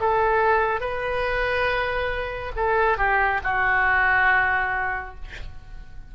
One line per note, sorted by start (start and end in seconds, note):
0.00 0.80 A4
0.80 2.52 B4
2.56 2.98 A4
2.98 3.41 G4
3.44 5.15 F#4